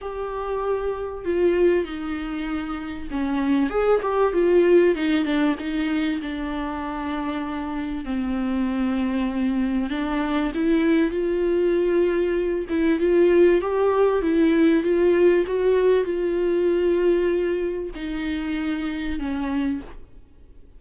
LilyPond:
\new Staff \with { instrumentName = "viola" } { \time 4/4 \tempo 4 = 97 g'2 f'4 dis'4~ | dis'4 cis'4 gis'8 g'8 f'4 | dis'8 d'8 dis'4 d'2~ | d'4 c'2. |
d'4 e'4 f'2~ | f'8 e'8 f'4 g'4 e'4 | f'4 fis'4 f'2~ | f'4 dis'2 cis'4 | }